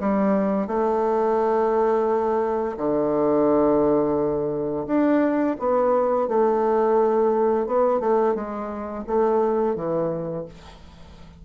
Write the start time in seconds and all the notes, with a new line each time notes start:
0.00 G3
0.67 A3
2.77 D3
4.87 D4
5.59 B3
6.28 A3
7.66 B3
8.00 A3
8.35 G#3
9.07 A3
9.75 E3